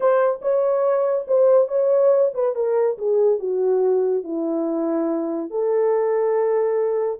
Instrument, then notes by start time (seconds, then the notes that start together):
horn
0.00 C5
0.41 C#5
1.27 C5
1.67 C#5
2.34 B4
2.55 A#4
2.98 G#4
3.39 F#4
4.23 E4
5.50 A4